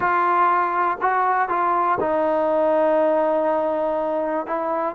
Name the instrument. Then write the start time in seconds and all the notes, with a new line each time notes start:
trombone
0.00 F4
1.01 F#4
1.48 F4
2.00 D#4
4.46 E4